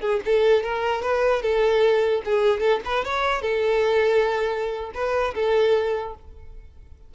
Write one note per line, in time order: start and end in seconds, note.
0.00 0.20 G#4
0.25 0.63 A4
0.63 1.02 A#4
1.02 1.42 B4
1.42 2.22 A4
2.25 2.60 G#4
2.60 2.80 A4
2.85 3.04 B4
3.04 3.42 C#5
3.42 4.92 A4
4.94 5.34 B4
5.34 6.14 A4